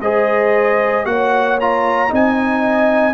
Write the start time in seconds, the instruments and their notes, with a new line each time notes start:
0.00 tuba G#3, trombone G#4, horn C5, trumpet D#5
1.04 tuba A#3, trombone F#4, horn C#5, trumpet F#5
1.60 trombone F4, trumpet A#5
2.08 tuba C4, trombone D#4, horn D#5
2.14 trumpet G#5